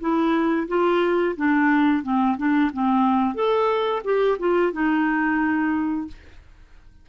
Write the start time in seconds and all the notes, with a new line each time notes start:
0.00 E4
0.68 F4
1.36 D4
2.03 C4
2.37 D4
2.73 C4
3.35 A4
4.04 G4
4.39 F4
4.73 D#4